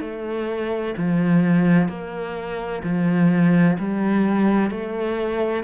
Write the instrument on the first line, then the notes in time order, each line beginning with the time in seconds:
cello
0.00 A3
0.97 F3
1.88 A#3
2.83 F3
3.78 G3
4.70 A3